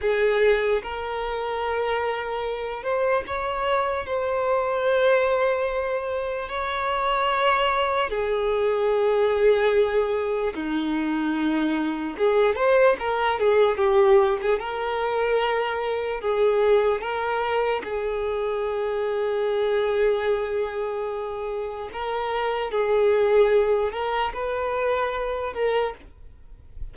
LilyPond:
\new Staff \with { instrumentName = "violin" } { \time 4/4 \tempo 4 = 74 gis'4 ais'2~ ais'8 c''8 | cis''4 c''2. | cis''2 gis'2~ | gis'4 dis'2 gis'8 c''8 |
ais'8 gis'8 g'8. gis'16 ais'2 | gis'4 ais'4 gis'2~ | gis'2. ais'4 | gis'4. ais'8 b'4. ais'8 | }